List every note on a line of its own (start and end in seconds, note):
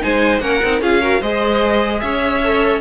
0.00 0.40 G#3
0.00 0.40 D#4
0.00 0.43 C5
0.00 0.40 G#5
0.40 0.60 A#3
0.40 0.61 C#4
0.40 0.81 A#4
0.40 0.80 F#5
0.64 0.81 C4
0.64 0.81 D#4
0.81 1.21 C#4
0.81 1.01 F4
0.81 1.01 G#4
0.81 1.22 F5
1.01 1.22 F#4
1.01 1.20 A#4
1.20 2.01 G#3
1.20 2.43 G#4
1.20 2.00 C5
1.20 2.00 D#5
2.00 2.81 C#4
2.00 2.81 C#5
2.00 2.80 E5
2.44 2.81 A4